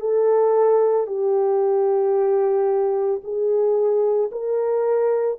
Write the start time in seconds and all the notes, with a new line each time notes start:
0.00 A4
1.07 G4
3.23 G#4
4.31 A#4